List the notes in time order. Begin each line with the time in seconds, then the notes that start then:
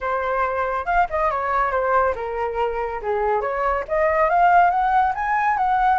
0.00 C5
0.85 F5
1.09 D#5
1.30 C#5
1.71 C5
2.15 A#4
3.02 G#4
3.41 C#5
3.88 D#5
4.29 F5
4.70 F#5
5.14 G#5
5.57 F#5